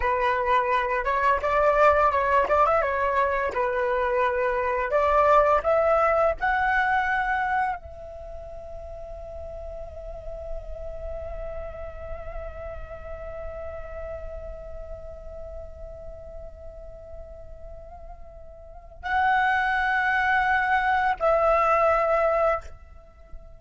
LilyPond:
\new Staff \with { instrumentName = "flute" } { \time 4/4 \tempo 4 = 85 b'4. cis''8 d''4 cis''8 d''16 e''16 | cis''4 b'2 d''4 | e''4 fis''2 e''4~ | e''1~ |
e''1~ | e''1~ | e''2. fis''4~ | fis''2 e''2 | }